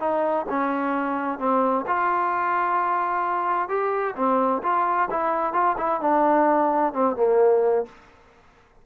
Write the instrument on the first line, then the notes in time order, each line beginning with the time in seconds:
trombone
0.00 D#4
0.50 C#4
1.39 C4
1.87 F4
3.69 G4
4.16 C4
4.63 F4
5.11 E4
5.53 F4
5.78 E4
6.01 D4
6.93 C4
7.16 A#3